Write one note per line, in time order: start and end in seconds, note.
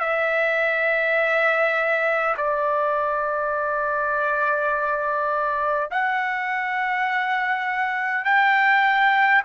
0.00 2.35 E5
2.37 5.90 D5
5.91 8.25 F#5
8.25 9.43 G5